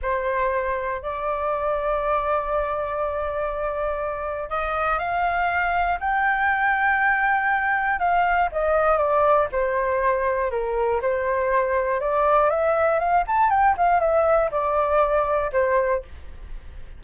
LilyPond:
\new Staff \with { instrumentName = "flute" } { \time 4/4 \tempo 4 = 120 c''2 d''2~ | d''1~ | d''4 dis''4 f''2 | g''1 |
f''4 dis''4 d''4 c''4~ | c''4 ais'4 c''2 | d''4 e''4 f''8 a''8 g''8 f''8 | e''4 d''2 c''4 | }